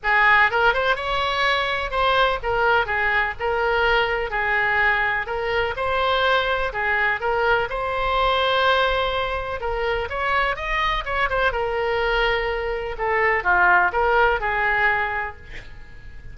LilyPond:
\new Staff \with { instrumentName = "oboe" } { \time 4/4 \tempo 4 = 125 gis'4 ais'8 c''8 cis''2 | c''4 ais'4 gis'4 ais'4~ | ais'4 gis'2 ais'4 | c''2 gis'4 ais'4 |
c''1 | ais'4 cis''4 dis''4 cis''8 c''8 | ais'2. a'4 | f'4 ais'4 gis'2 | }